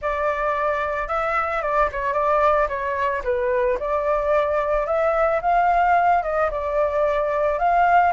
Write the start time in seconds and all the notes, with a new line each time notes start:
0.01 D5
1.08 E5
1.62 D5
1.92 C#5
2.13 D5
2.68 C#5
3.23 B4
3.79 D5
4.86 E5
5.41 F5
6.23 D#5
6.50 D5
7.58 F5